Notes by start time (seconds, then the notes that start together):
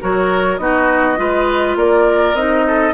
0.00 F#3 F#4 A#4 C#5
0.57 B3 D#4 F#4 D#5
1.16 G#3 F4 B4
1.75 A#3 A#4 D5
2.34 C4 D#4 D#5
2.67 A4